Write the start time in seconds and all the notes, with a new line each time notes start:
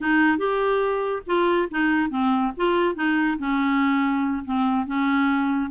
0.00 D#4
0.38 G4
1.26 F4
1.71 D#4
2.10 C4
2.56 F4
2.95 D#4
3.38 C#4
4.44 C4
4.86 C#4